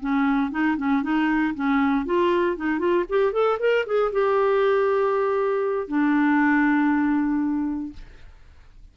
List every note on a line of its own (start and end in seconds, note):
0.00 0.51 C#4
0.51 0.76 D#4
0.77 1.03 C#4
1.03 1.54 D#4
1.55 2.05 C#4
2.05 2.56 F4
2.56 2.79 D#4
2.79 3.04 F4
3.09 3.32 G4
3.32 3.58 A4
3.59 3.85 A#4
3.86 4.12 G#4
4.12 5.88 G4
5.88 7.93 D4